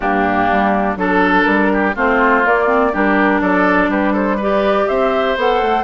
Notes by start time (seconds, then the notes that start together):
0.00 G2 A#3 D4 G4
0.51 G3
0.96 F#3 D4 A4
1.43 G3 A#4
1.73 G4
1.95 A3 C4 F4 C5
2.44 A#3 D5
2.67 C4
2.92 G3 D4 G4 A#4
3.41 F#3 A4 D5
3.88 G3 G4 B4
4.12 A4 C5
4.36 G4 B4
4.42 D5
4.87 C4 C5 E5
5.36 B3 A4 F#5
5.61 A3